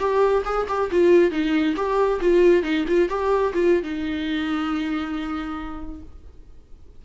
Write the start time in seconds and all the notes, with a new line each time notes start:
0.00 G4
0.46 G#4
0.69 G4
0.91 F4
1.31 D#4
1.77 G4
2.21 F4
2.64 D#4
2.88 F4
3.10 G4
3.54 F4
3.83 D#4